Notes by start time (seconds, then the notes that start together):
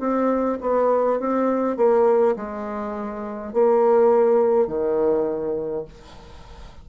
0.00 C4
0.61 B3
1.20 C4
1.77 A#3
2.36 G#3
3.53 A#3
4.67 D#3